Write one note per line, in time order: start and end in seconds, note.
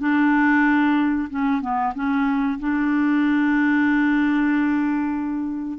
0.00 1.29 D4
1.30 1.62 C#4
1.62 1.94 B3
1.95 2.60 C#4
2.60 5.79 D4